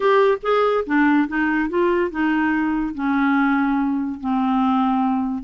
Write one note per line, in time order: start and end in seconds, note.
0.00 0.38 G4
0.42 0.84 G#4
0.86 1.28 D4
1.28 1.69 D#4
1.69 2.10 F4
2.10 2.94 D#4
2.94 4.20 C#4
4.20 5.43 C4